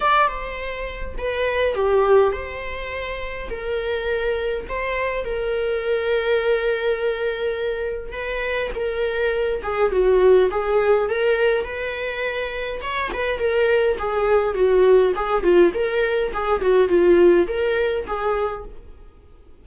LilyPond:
\new Staff \with { instrumentName = "viola" } { \time 4/4 \tempo 4 = 103 d''8 c''4. b'4 g'4 | c''2 ais'2 | c''4 ais'2.~ | ais'2 b'4 ais'4~ |
ais'8 gis'8 fis'4 gis'4 ais'4 | b'2 cis''8 b'8 ais'4 | gis'4 fis'4 gis'8 f'8 ais'4 | gis'8 fis'8 f'4 ais'4 gis'4 | }